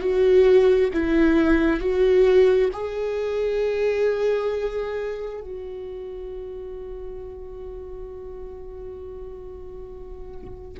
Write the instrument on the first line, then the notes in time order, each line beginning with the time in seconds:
viola
0.00 F#4
0.93 E4
1.80 F#4
2.73 G#4
5.41 F#4